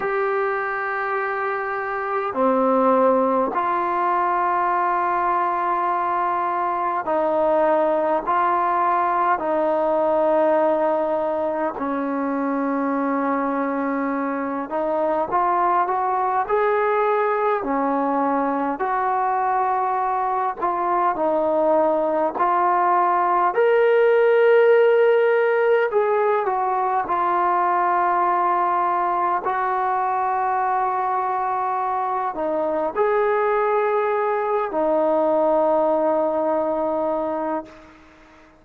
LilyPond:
\new Staff \with { instrumentName = "trombone" } { \time 4/4 \tempo 4 = 51 g'2 c'4 f'4~ | f'2 dis'4 f'4 | dis'2 cis'2~ | cis'8 dis'8 f'8 fis'8 gis'4 cis'4 |
fis'4. f'8 dis'4 f'4 | ais'2 gis'8 fis'8 f'4~ | f'4 fis'2~ fis'8 dis'8 | gis'4. dis'2~ dis'8 | }